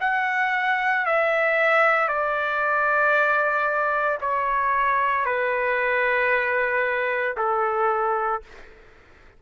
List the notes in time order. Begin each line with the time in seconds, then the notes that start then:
0.00 F#5
1.05 E5
2.08 D5
4.21 C#5
5.25 B4
7.37 A4